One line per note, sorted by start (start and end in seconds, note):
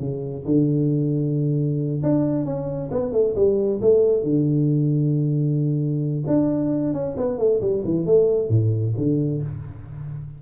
0.00 0.45 C#3
0.45 2.02 D3
2.03 2.45 D4
2.45 2.90 C#4
2.92 3.12 B3
3.12 3.35 A3
3.35 3.80 G3
3.82 4.23 A3
4.23 6.24 D3
6.27 6.94 D4
6.94 7.16 C#4
7.17 7.38 B3
7.38 7.61 A3
7.61 7.83 G3
7.85 8.06 E3
8.06 8.49 A3
8.49 8.94 A2
8.97 9.42 D3